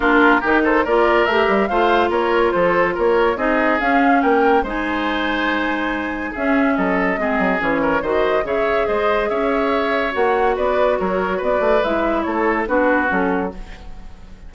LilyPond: <<
  \new Staff \with { instrumentName = "flute" } { \time 4/4 \tempo 4 = 142 ais'4. c''8 d''4 e''4 | f''4 cis''4 c''4 cis''4 | dis''4 f''4 g''4 gis''4~ | gis''2. e''4 |
dis''2 cis''4 dis''4 | e''4 dis''4 e''2 | fis''4 d''4 cis''4 d''4 | e''4 cis''4 b'4 a'4 | }
  \new Staff \with { instrumentName = "oboe" } { \time 4/4 f'4 g'8 a'8 ais'2 | c''4 ais'4 a'4 ais'4 | gis'2 ais'4 c''4~ | c''2. gis'4 |
a'4 gis'4. ais'8 c''4 | cis''4 c''4 cis''2~ | cis''4 b'4 ais'4 b'4~ | b'4 a'4 fis'2 | }
  \new Staff \with { instrumentName = "clarinet" } { \time 4/4 d'4 dis'4 f'4 g'4 | f'1 | dis'4 cis'2 dis'4~ | dis'2. cis'4~ |
cis'4 c'4 cis'4 fis'4 | gis'1 | fis'1 | e'2 d'4 cis'4 | }
  \new Staff \with { instrumentName = "bassoon" } { \time 4/4 ais4 dis4 ais4 a8 g8 | a4 ais4 f4 ais4 | c'4 cis'4 ais4 gis4~ | gis2. cis'4 |
fis4 gis8 fis8 e4 dis4 | cis4 gis4 cis'2 | ais4 b4 fis4 b8 a8 | gis4 a4 b4 fis4 | }
>>